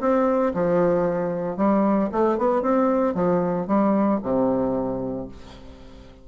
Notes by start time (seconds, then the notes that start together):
0.00 C4
0.54 F3
1.56 G3
2.12 A3
2.38 B3
2.62 C4
3.14 F3
3.67 G3
4.22 C3